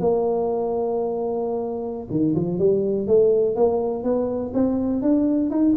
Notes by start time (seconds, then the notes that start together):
0.00 A#3
2.10 D#3
2.35 F3
2.59 G3
3.07 A3
3.55 A#3
4.03 B3
4.54 C4
5.02 D4
5.50 D#4